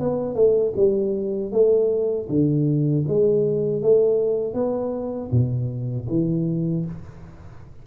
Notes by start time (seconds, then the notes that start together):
0.00 B3
0.35 A3
0.76 G3
1.52 A3
2.29 D3
3.08 G#3
3.83 A3
4.54 B3
5.31 B2
6.09 E3